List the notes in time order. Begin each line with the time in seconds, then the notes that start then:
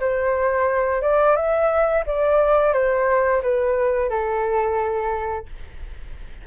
0.00 C5
1.02 D5
1.36 E5
2.06 D5
2.73 C5
3.42 B4
4.09 A4